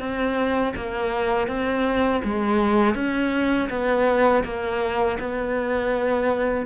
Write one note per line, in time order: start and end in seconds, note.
0.00 0.74 C4
0.77 1.48 A#3
1.48 2.22 C4
2.25 2.95 G#3
2.95 3.69 C#4
3.70 4.44 B3
4.44 5.19 A#3
5.20 6.67 B3